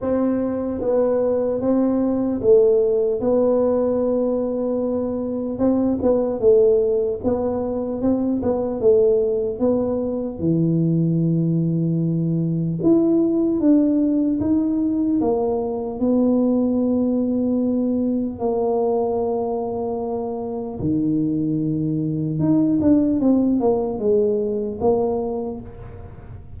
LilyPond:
\new Staff \with { instrumentName = "tuba" } { \time 4/4 \tempo 4 = 75 c'4 b4 c'4 a4 | b2. c'8 b8 | a4 b4 c'8 b8 a4 | b4 e2. |
e'4 d'4 dis'4 ais4 | b2. ais4~ | ais2 dis2 | dis'8 d'8 c'8 ais8 gis4 ais4 | }